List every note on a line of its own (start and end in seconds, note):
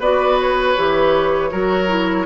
0.00 0.75 B3
0.00 0.77 F#4
0.00 1.51 B4
0.00 0.40 D5
0.41 2.26 C#5
0.77 1.53 E3
0.77 1.51 G4
1.51 2.26 F#3
1.51 1.89 F#4
1.51 2.26 A#4
1.89 2.26 E4